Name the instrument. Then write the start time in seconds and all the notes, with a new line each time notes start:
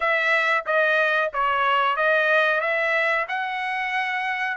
trumpet
0.00 E5
0.66 D#5
1.33 C#5
1.96 D#5
2.60 E5
3.28 F#5